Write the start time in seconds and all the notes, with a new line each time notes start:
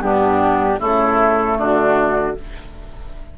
0.00 G2 B3 D4 G4
0.79 C#3 A3 E4 A4
1.57 D3 D4 F#4